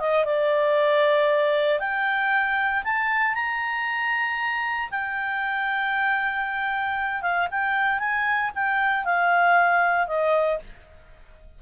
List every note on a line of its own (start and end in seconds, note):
0.00 0.25 D#5
0.25 1.80 D5
1.80 2.84 G5
2.84 3.35 A5
3.35 4.90 A#5
4.91 7.22 G5
7.22 7.48 F5
7.51 8.00 G5
8.00 8.51 G#5
8.55 9.05 G5
9.05 10.08 F5
10.08 10.59 D#5